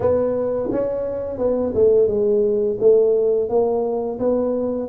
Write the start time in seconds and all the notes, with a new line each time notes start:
0.00 B3
0.71 C#4
1.38 B3
1.74 A3
2.07 G#3
2.80 A3
3.49 A#3
4.19 B3